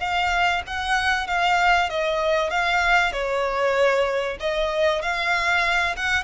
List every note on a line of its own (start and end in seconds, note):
0.00 0.62 F5
0.67 1.28 F#5
1.28 1.90 F5
1.90 2.51 D#5
2.51 3.13 F5
3.13 4.38 C#5
4.40 5.02 D#5
5.02 5.96 F5
5.97 6.24 F#5